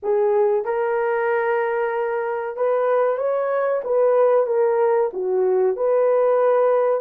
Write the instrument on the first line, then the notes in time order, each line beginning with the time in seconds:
horn
0.02 G#4
0.64 A#4
2.56 B4
3.17 C#5
3.84 B4
4.46 A#4
5.13 F#4
5.76 B4